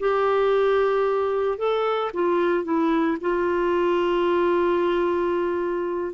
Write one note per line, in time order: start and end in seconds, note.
0.00 1.58 G4
1.58 2.12 A4
2.14 2.64 F4
2.64 3.18 E4
3.21 6.14 F4